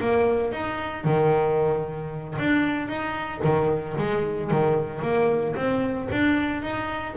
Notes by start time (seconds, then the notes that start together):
0.00 A#3
0.52 D#4
1.04 D#3
2.38 D4
2.88 D#4
3.43 D#3
3.97 G#3
4.50 D#3
5.02 A#3
5.56 C4
6.11 D4
6.62 D#4